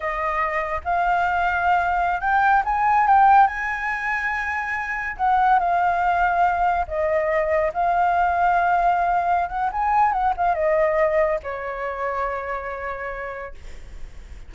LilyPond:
\new Staff \with { instrumentName = "flute" } { \time 4/4 \tempo 4 = 142 dis''2 f''2~ | f''4~ f''16 g''4 gis''4 g''8.~ | g''16 gis''2.~ gis''8.~ | gis''16 fis''4 f''2~ f''8.~ |
f''16 dis''2 f''4.~ f''16~ | f''2~ f''8 fis''8 gis''4 | fis''8 f''8 dis''2 cis''4~ | cis''1 | }